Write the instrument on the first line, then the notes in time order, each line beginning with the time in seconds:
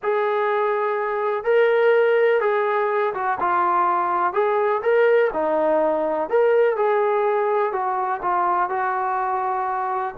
trombone
0.02 G#4
1.44 A#4
2.41 G#4
3.14 F#4
3.40 F4
4.33 G#4
4.82 A#4
5.33 D#4
6.29 A#4
6.76 G#4
7.72 F#4
8.21 F4
8.69 F#4